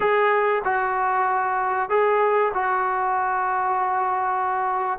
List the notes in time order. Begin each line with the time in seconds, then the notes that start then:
0.00 G#4
0.64 F#4
1.89 G#4
2.54 F#4